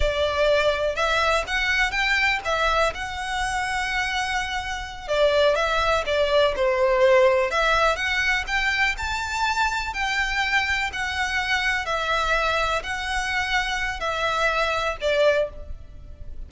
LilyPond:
\new Staff \with { instrumentName = "violin" } { \time 4/4 \tempo 4 = 124 d''2 e''4 fis''4 | g''4 e''4 fis''2~ | fis''2~ fis''8 d''4 e''8~ | e''8 d''4 c''2 e''8~ |
e''8 fis''4 g''4 a''4.~ | a''8 g''2 fis''4.~ | fis''8 e''2 fis''4.~ | fis''4 e''2 d''4 | }